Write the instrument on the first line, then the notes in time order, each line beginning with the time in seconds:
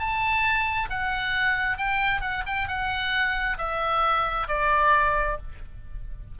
oboe
0.00 A5
0.90 F#5
1.78 G5
2.21 F#5
2.46 G5
2.68 F#5
3.58 E5
4.48 D5